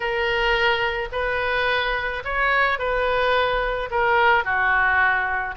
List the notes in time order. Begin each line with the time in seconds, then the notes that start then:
0.00 A#4
1.12 B4
2.24 C#5
2.78 B4
3.90 A#4
4.44 F#4